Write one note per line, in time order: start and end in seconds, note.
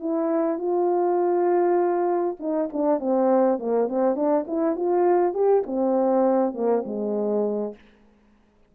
0.00 0.59 E4
0.59 2.37 F4
2.40 2.70 D#4
2.73 3.00 D4
3.00 3.59 C4
3.59 3.89 A#3
3.89 4.16 C4
4.16 4.46 D4
4.48 4.76 E4
4.76 5.34 F4
5.34 5.64 G4
5.67 6.55 C4
6.55 6.84 A#3
6.86 7.76 G#3